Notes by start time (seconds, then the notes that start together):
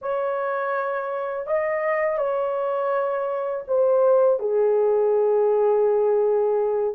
0.01 C#5
1.46 D#5
2.18 C#5
3.67 C5
4.39 G#4